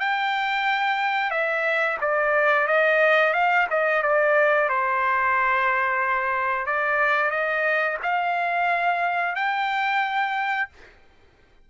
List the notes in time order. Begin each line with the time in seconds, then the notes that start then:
0.00 G5
1.31 E5
2.02 D5
2.68 D#5
3.34 F5
3.70 D#5
4.03 D5
4.69 C5
6.66 D5
7.31 D#5
8.03 F5
9.36 G5